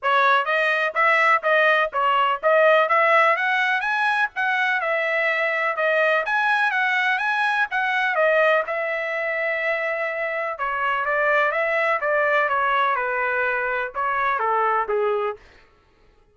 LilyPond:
\new Staff \with { instrumentName = "trumpet" } { \time 4/4 \tempo 4 = 125 cis''4 dis''4 e''4 dis''4 | cis''4 dis''4 e''4 fis''4 | gis''4 fis''4 e''2 | dis''4 gis''4 fis''4 gis''4 |
fis''4 dis''4 e''2~ | e''2 cis''4 d''4 | e''4 d''4 cis''4 b'4~ | b'4 cis''4 a'4 gis'4 | }